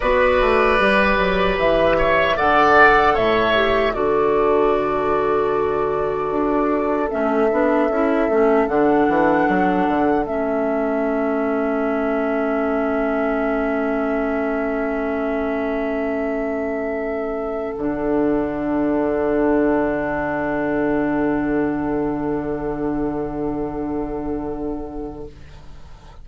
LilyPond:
<<
  \new Staff \with { instrumentName = "flute" } { \time 4/4 \tempo 4 = 76 d''2 e''4 fis''4 | e''4 d''2.~ | d''4 e''2 fis''4~ | fis''4 e''2.~ |
e''1~ | e''2~ e''8 fis''4.~ | fis''1~ | fis''1 | }
  \new Staff \with { instrumentName = "oboe" } { \time 4/4 b'2~ b'8 cis''8 d''4 | cis''4 a'2.~ | a'1~ | a'1~ |
a'1~ | a'1~ | a'1~ | a'1 | }
  \new Staff \with { instrumentName = "clarinet" } { \time 4/4 fis'4 g'2 a'4~ | a'8 g'8 fis'2.~ | fis'4 cis'8 d'8 e'8 cis'8 d'4~ | d'4 cis'2.~ |
cis'1~ | cis'2~ cis'8 d'4.~ | d'1~ | d'1 | }
  \new Staff \with { instrumentName = "bassoon" } { \time 4/4 b8 a8 g8 fis8 e4 d4 | a,4 d2. | d'4 a8 b8 cis'8 a8 d8 e8 | fis8 d8 a2.~ |
a1~ | a2~ a8 d4.~ | d1~ | d1 | }
>>